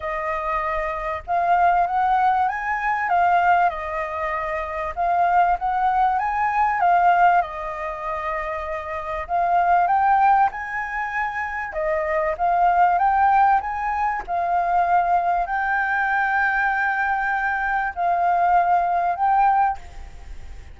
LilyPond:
\new Staff \with { instrumentName = "flute" } { \time 4/4 \tempo 4 = 97 dis''2 f''4 fis''4 | gis''4 f''4 dis''2 | f''4 fis''4 gis''4 f''4 | dis''2. f''4 |
g''4 gis''2 dis''4 | f''4 g''4 gis''4 f''4~ | f''4 g''2.~ | g''4 f''2 g''4 | }